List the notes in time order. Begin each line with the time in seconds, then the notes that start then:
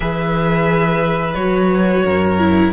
0.00 E3 G#4 B4 E5
1.34 F#3 F#4 C#5
2.05 F#2 A#4
2.39 E4